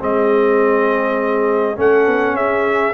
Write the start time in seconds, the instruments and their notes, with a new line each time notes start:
0.00 tuba G#3, trombone C4, horn G#4, trumpet D#5
1.76 tuba A3, trombone C#4, horn A4, trumpet F#5
2.07 tuba B3
2.35 tuba C#4, horn G#4, trumpet E5